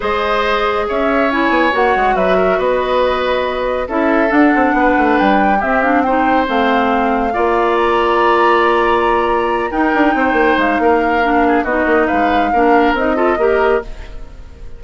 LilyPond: <<
  \new Staff \with { instrumentName = "flute" } { \time 4/4 \tempo 4 = 139 dis''2 e''4 gis''4 | fis''4 e''4 dis''2~ | dis''4 e''4 fis''2 | g''4 e''8 f''8 g''4 f''4~ |
f''2 ais''2~ | ais''2~ ais''8 g''4.~ | g''8 f''2~ f''8 dis''4 | f''2 dis''2 | }
  \new Staff \with { instrumentName = "oboe" } { \time 4/4 c''2 cis''2~ | cis''4 b'8 ais'8 b'2~ | b'4 a'2 b'4~ | b'4 g'4 c''2~ |
c''4 d''2.~ | d''2~ d''8 ais'4 c''8~ | c''4 ais'4. gis'8 fis'4 | b'4 ais'4. a'8 ais'4 | }
  \new Staff \with { instrumentName = "clarinet" } { \time 4/4 gis'2. e'4 | fis'1~ | fis'4 e'4 d'2~ | d'4 c'8 d'8 dis'4 c'4~ |
c'4 f'2.~ | f'2~ f'8 dis'4.~ | dis'2 d'4 dis'4~ | dis'4 d'4 dis'8 f'8 g'4 | }
  \new Staff \with { instrumentName = "bassoon" } { \time 4/4 gis2 cis'4. b8 | ais8 gis8 fis4 b2~ | b4 cis'4 d'8 c'8 b8 a8 | g4 c'2 a4~ |
a4 ais2.~ | ais2~ ais8 dis'8 d'8 c'8 | ais8 gis8 ais2 b8 ais8 | gis4 ais4 c'4 ais4 | }
>>